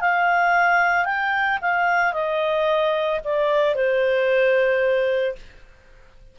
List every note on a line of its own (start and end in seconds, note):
0.00 1.05 F5
1.05 1.58 G5
1.61 2.13 F5
2.13 3.20 D#5
3.24 3.75 D5
3.75 5.35 C5